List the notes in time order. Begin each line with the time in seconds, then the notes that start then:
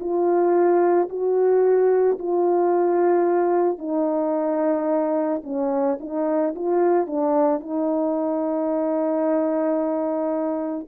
0.00 F4
1.10 F#4
2.19 F4
3.78 D#4
5.44 C#4
6.00 D#4
6.56 F4
7.07 D4
7.60 D#4